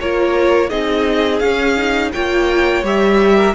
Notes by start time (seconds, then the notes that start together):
0.00 A#3 F4 A#4 C#5
0.69 C4 D#4 G#4 D#5
1.39 C#4 F5
1.77 D#4
2.12 A#3 F4 C#5 G5
2.82 G3 G4 E5
3.36 A#4